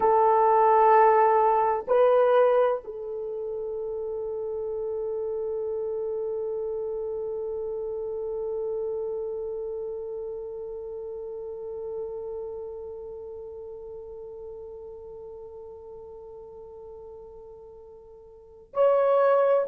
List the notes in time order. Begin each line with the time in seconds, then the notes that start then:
0.00 A4
1.87 B4
2.84 A4
18.73 C#5